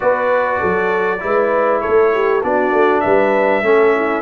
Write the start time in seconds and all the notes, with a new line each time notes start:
0.00 B3 F#4 B4 D5
0.58 F#3 A4
1.20 G#3 E4 B4
1.81 A4 C#5
1.87 A3
2.13 G4
2.43 B3 D4 F#4 D5
2.71 A3
3.00 G3 B4 E5
3.62 A3 C#4 A4
3.95 E4